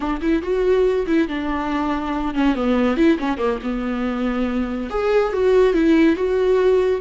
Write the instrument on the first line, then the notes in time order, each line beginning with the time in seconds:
viola
0.00 D4
0.21 E4
0.42 F#4
1.06 E4
1.28 D4
2.34 C#4
2.55 B3
2.96 E4
3.19 C#4
3.37 A#3
3.62 B3
4.90 G#4
5.32 F#4
5.73 E4
6.15 F#4